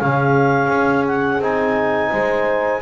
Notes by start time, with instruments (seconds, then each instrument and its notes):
0.00 double bass C#3, trombone C#4, horn G#4, clarinet F5
0.69 double bass C#4
1.07 clarinet F#5
1.39 double bass C4, trombone D#4, clarinet G#5
2.11 double bass G#3, horn C5